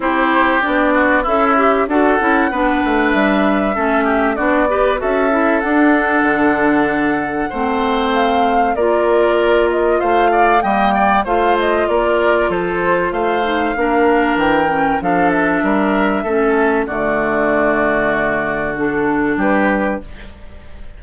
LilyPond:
<<
  \new Staff \with { instrumentName = "flute" } { \time 4/4 \tempo 4 = 96 c''4 d''4 e''4 fis''4~ | fis''4 e''2 d''4 | e''4 fis''2.~ | fis''4 f''4 d''4. dis''8 |
f''4 g''4 f''8 dis''8 d''4 | c''4 f''2 g''4 | f''8 e''2~ e''8 d''4~ | d''2 a'4 b'4 | }
  \new Staff \with { instrumentName = "oboe" } { \time 4/4 g'4. fis'8 e'4 a'4 | b'2 a'8 g'8 fis'8 b'8 | a'1 | c''2 ais'2 |
c''8 d''8 dis''8 d''8 c''4 ais'4 | a'4 c''4 ais'2 | a'4 ais'4 a'4 fis'4~ | fis'2. g'4 | }
  \new Staff \with { instrumentName = "clarinet" } { \time 4/4 e'4 d'4 a'8 g'8 fis'8 e'8 | d'2 cis'4 d'8 g'8 | fis'8 e'8 d'2. | c'2 f'2~ |
f'4 ais4 f'2~ | f'4. dis'8 d'4. cis'8 | d'2 cis'4 a4~ | a2 d'2 | }
  \new Staff \with { instrumentName = "bassoon" } { \time 4/4 c'4 b4 cis'4 d'8 cis'8 | b8 a8 g4 a4 b4 | cis'4 d'4 d2 | a2 ais2 |
a4 g4 a4 ais4 | f4 a4 ais4 e4 | f4 g4 a4 d4~ | d2. g4 | }
>>